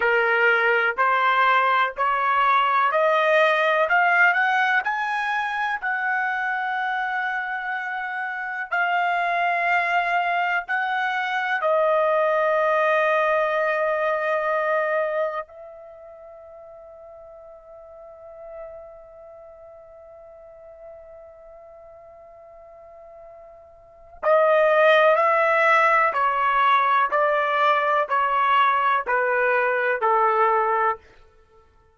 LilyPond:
\new Staff \with { instrumentName = "trumpet" } { \time 4/4 \tempo 4 = 62 ais'4 c''4 cis''4 dis''4 | f''8 fis''8 gis''4 fis''2~ | fis''4 f''2 fis''4 | dis''1 |
e''1~ | e''1~ | e''4 dis''4 e''4 cis''4 | d''4 cis''4 b'4 a'4 | }